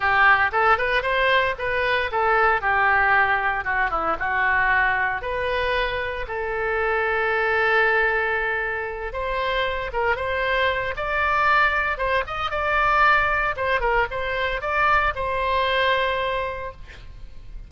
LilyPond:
\new Staff \with { instrumentName = "oboe" } { \time 4/4 \tempo 4 = 115 g'4 a'8 b'8 c''4 b'4 | a'4 g'2 fis'8 e'8 | fis'2 b'2 | a'1~ |
a'4. c''4. ais'8 c''8~ | c''4 d''2 c''8 dis''8 | d''2 c''8 ais'8 c''4 | d''4 c''2. | }